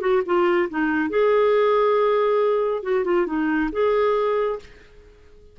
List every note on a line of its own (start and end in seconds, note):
0.00 0.22 F#4
0.25 0.69 F4
0.69 1.09 D#4
1.09 2.83 G#4
2.83 3.04 F#4
3.04 3.26 F4
3.26 3.70 D#4
3.72 4.59 G#4